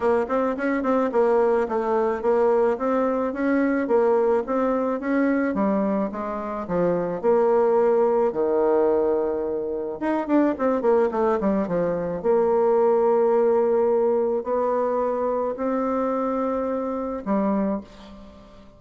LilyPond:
\new Staff \with { instrumentName = "bassoon" } { \time 4/4 \tempo 4 = 108 ais8 c'8 cis'8 c'8 ais4 a4 | ais4 c'4 cis'4 ais4 | c'4 cis'4 g4 gis4 | f4 ais2 dis4~ |
dis2 dis'8 d'8 c'8 ais8 | a8 g8 f4 ais2~ | ais2 b2 | c'2. g4 | }